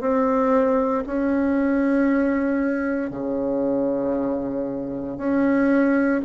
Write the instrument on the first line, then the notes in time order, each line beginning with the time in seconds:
bassoon
0.00 C4
1.06 C#4
3.10 C#3
5.17 C#4